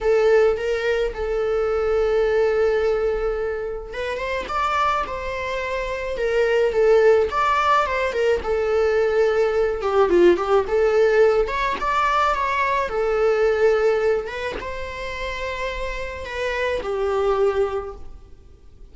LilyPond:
\new Staff \with { instrumentName = "viola" } { \time 4/4 \tempo 4 = 107 a'4 ais'4 a'2~ | a'2. b'8 c''8 | d''4 c''2 ais'4 | a'4 d''4 c''8 ais'8 a'4~ |
a'4. g'8 f'8 g'8 a'4~ | a'8 cis''8 d''4 cis''4 a'4~ | a'4. b'8 c''2~ | c''4 b'4 g'2 | }